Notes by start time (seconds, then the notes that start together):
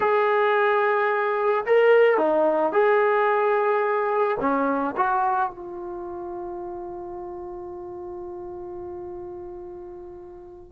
0.00 G#4
1.65 A#4
2.17 D#4
2.72 G#4
4.40 C#4
4.96 F#4
5.50 F4